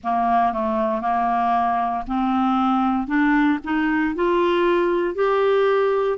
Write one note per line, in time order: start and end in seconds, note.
0.03 0.52 A#3
0.52 1.01 A3
1.01 2.04 A#3
2.07 3.07 C4
3.07 3.58 D4
3.64 4.15 D#4
4.15 5.14 F4
5.14 6.18 G4